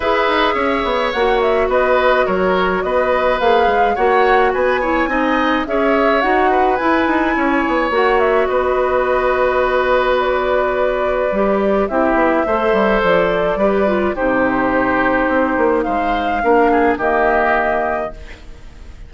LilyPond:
<<
  \new Staff \with { instrumentName = "flute" } { \time 4/4 \tempo 4 = 106 e''2 fis''8 e''8 dis''4 | cis''4 dis''4 f''4 fis''4 | gis''2 e''4 fis''4 | gis''2 fis''8 e''8 dis''4~ |
dis''2 d''2~ | d''4 e''2 d''4~ | d''4 c''2. | f''2 dis''2 | }
  \new Staff \with { instrumentName = "oboe" } { \time 4/4 b'4 cis''2 b'4 | ais'4 b'2 cis''4 | b'8 cis''8 dis''4 cis''4. b'8~ | b'4 cis''2 b'4~ |
b'1~ | b'4 g'4 c''2 | b'4 g'2. | c''4 ais'8 gis'8 g'2 | }
  \new Staff \with { instrumentName = "clarinet" } { \time 4/4 gis'2 fis'2~ | fis'2 gis'4 fis'4~ | fis'8 e'8 dis'4 gis'4 fis'4 | e'2 fis'2~ |
fis'1 | g'4 e'4 a'2 | g'8 f'8 dis'2.~ | dis'4 d'4 ais2 | }
  \new Staff \with { instrumentName = "bassoon" } { \time 4/4 e'8 dis'8 cis'8 b8 ais4 b4 | fis4 b4 ais8 gis8 ais4 | b4 c'4 cis'4 dis'4 | e'8 dis'8 cis'8 b8 ais4 b4~ |
b1 | g4 c'8 b8 a8 g8 f4 | g4 c2 c'8 ais8 | gis4 ais4 dis2 | }
>>